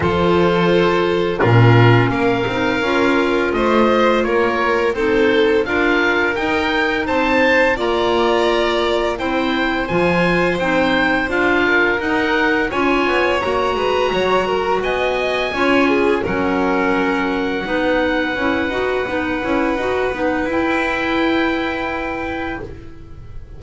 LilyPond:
<<
  \new Staff \with { instrumentName = "oboe" } { \time 4/4 \tempo 4 = 85 c''2 ais'4 f''4~ | f''4 dis''4 cis''4 c''4 | f''4 g''4 a''4 ais''4~ | ais''4 g''4 gis''4 g''4 |
f''4 fis''4 gis''4 ais''4~ | ais''4 gis''2 fis''4~ | fis''1~ | fis''4 g''2. | }
  \new Staff \with { instrumentName = "violin" } { \time 4/4 a'2 f'4 ais'4~ | ais'4 c''4 ais'4 a'4 | ais'2 c''4 d''4~ | d''4 c''2.~ |
c''8 ais'4. cis''4. b'8 | cis''8 ais'8 dis''4 cis''8 gis'8 ais'4~ | ais'4 b'2.~ | b'1 | }
  \new Staff \with { instrumentName = "clarinet" } { \time 4/4 f'2 cis'4. dis'8 | f'2. dis'4 | f'4 dis'2 f'4~ | f'4 e'4 f'4 dis'4 |
f'4 dis'4 f'4 fis'4~ | fis'2 f'4 cis'4~ | cis'4 dis'4 e'8 fis'8 dis'8 e'8 | fis'8 dis'8 e'2. | }
  \new Staff \with { instrumentName = "double bass" } { \time 4/4 f2 ais,4 ais8 c'8 | cis'4 a4 ais4 c'4 | d'4 dis'4 c'4 ais4~ | ais4 c'4 f4 c'4 |
d'4 dis'4 cis'8 b8 ais8 gis8 | fis4 b4 cis'4 fis4~ | fis4 b4 cis'8 dis'8 b8 cis'8 | dis'8 b8 e'2. | }
>>